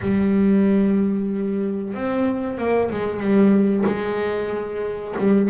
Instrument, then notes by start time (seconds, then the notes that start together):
double bass
0.01 G3
1.94 C4
2.58 A#3
2.91 G#3
3.19 G3
3.86 G#3
5.18 G3